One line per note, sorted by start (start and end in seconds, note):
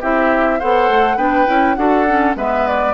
0.00 0.61 C4
0.00 0.60 E4
0.00 0.59 G4
0.00 0.60 E5
0.59 0.88 B3
0.59 1.17 A4
0.59 1.17 C5
0.59 1.18 F#5
0.88 1.16 A3
1.16 1.46 B3
1.16 1.46 D4
1.16 1.75 B4
1.16 1.75 G5
1.46 1.77 C#4
1.46 1.76 E4
1.75 2.35 D4
1.75 2.06 F#4
1.75 2.37 A4
1.75 2.34 F#5
2.08 2.36 C#4
2.35 2.93 G#3
2.35 2.93 B3
2.35 2.93 B4
2.35 2.67 E5
2.67 2.93 D5